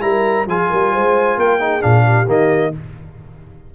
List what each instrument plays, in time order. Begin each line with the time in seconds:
0.00 tuba G3, trombone E4, horn A#4, trumpet A#5
0.46 tuba F3, trombone F4, horn G#4, trumpet G#5
0.69 tuba G3, horn A#4
0.92 tuba G#3, horn C5
1.36 tuba A#3, horn A#4, trumpet G5
1.59 trombone D#4, horn G#4
1.80 tuba A#2, trombone D4, trumpet F5
2.04 horn G4
2.27 tuba D#3, trombone A#3, trumpet D#5